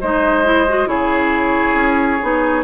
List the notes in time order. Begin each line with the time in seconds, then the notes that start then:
0.00 G#3 D#4 C5 D#5
0.44 E4
0.68 F#4
0.86 C#3 E4 G#4 C#5
1.74 C#4
2.21 B3 D#4